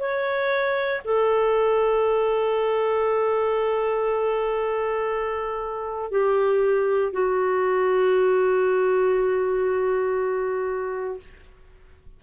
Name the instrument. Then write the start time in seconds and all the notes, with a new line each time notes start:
clarinet
0.00 C#5
1.05 A4
6.12 G4
7.13 F#4